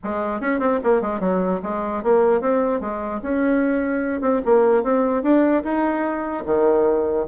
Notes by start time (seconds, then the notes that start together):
0.03 G#3
0.40 C#4
0.59 C4
0.83 A#3
1.01 G#3
1.20 F#3
1.62 G#3
2.03 A#3
2.41 C4
2.80 G#3
3.22 C#4
4.21 C4
4.45 A#3
4.83 C4
5.22 D4
5.63 D#4
6.45 D#3